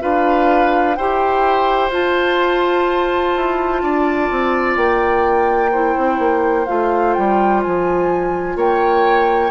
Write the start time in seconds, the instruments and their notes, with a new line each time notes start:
0.00 bassoon D4, clarinet F4, oboe B4, flute F5
0.95 bassoon E4, clarinet G4, oboe C5, flute G5
1.89 bassoon F4, clarinet F4, flute A5
3.36 bassoon E4
3.82 bassoon D4, oboe D5
4.31 bassoon C4
4.76 bassoon A#3, flute G5
5.71 clarinet E4, oboe C5
5.97 bassoon C4
6.19 bassoon A#3
6.66 bassoon A3, clarinet F4, flute F5
7.13 bassoon G3, flute G5
7.63 bassoon F3, flute G#5
8.56 bassoon A#3, oboe C#5, flute G5